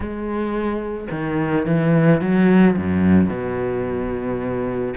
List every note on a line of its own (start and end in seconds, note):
0.00 1.08 G#3
1.11 1.66 D#3
1.66 2.21 E3
2.21 2.76 F#3
2.77 3.29 F#2
3.29 4.94 B2